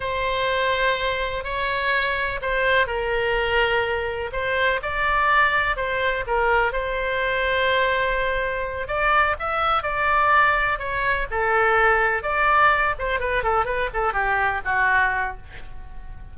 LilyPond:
\new Staff \with { instrumentName = "oboe" } { \time 4/4 \tempo 4 = 125 c''2. cis''4~ | cis''4 c''4 ais'2~ | ais'4 c''4 d''2 | c''4 ais'4 c''2~ |
c''2~ c''8 d''4 e''8~ | e''8 d''2 cis''4 a'8~ | a'4. d''4. c''8 b'8 | a'8 b'8 a'8 g'4 fis'4. | }